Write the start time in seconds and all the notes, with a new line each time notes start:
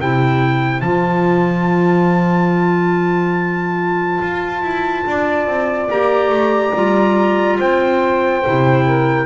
0.00 C3 E4 C5 G5
0.81 F3 F4 A5
4.22 F4
4.63 E4
5.07 D4 D5
5.47 C4
5.90 A#3 G4 A#5
6.29 A3
6.75 G3 F4
7.59 C4 C5 G5
8.45 C3 E4
8.85 A#4